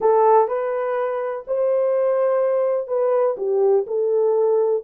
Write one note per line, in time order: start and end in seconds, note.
0.00 0.48 A4
0.48 1.44 B4
1.47 2.87 C5
2.87 3.36 B4
3.37 3.85 G4
3.86 4.83 A4